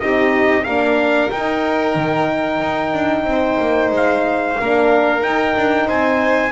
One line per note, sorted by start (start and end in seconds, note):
0.00 0.67 C4
0.00 0.66 D#4
0.00 0.65 G4
0.00 0.65 D#5
0.65 1.32 A#3
0.65 1.32 D4
0.65 3.26 A#4
0.65 1.30 F5
1.31 1.96 D#4
1.31 4.59 D#4
1.31 3.92 G5
1.96 2.61 D#3
2.61 2.94 D#4
2.94 3.24 D4
3.24 3.57 C4
3.32 4.61 C5
3.61 3.91 A#3
3.91 4.57 G#3
3.91 5.24 F5
4.60 5.22 A#3
4.60 5.21 D4
4.60 5.87 A#4
5.21 6.51 D#4
5.21 5.55 D#4
5.21 5.89 G5
5.57 5.89 D4
5.87 6.52 C4
5.87 6.52 C5
5.87 6.52 G#5